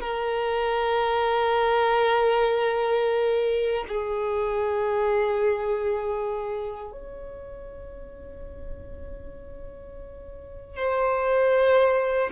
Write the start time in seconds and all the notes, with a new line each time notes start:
0.00 A#4
3.88 G#4
6.92 C#5
10.76 C5